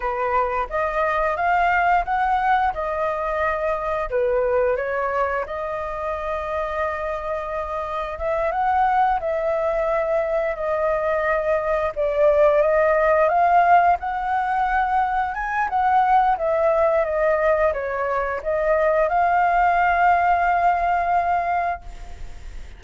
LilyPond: \new Staff \with { instrumentName = "flute" } { \time 4/4 \tempo 4 = 88 b'4 dis''4 f''4 fis''4 | dis''2 b'4 cis''4 | dis''1 | e''8 fis''4 e''2 dis''8~ |
dis''4. d''4 dis''4 f''8~ | f''8 fis''2 gis''8 fis''4 | e''4 dis''4 cis''4 dis''4 | f''1 | }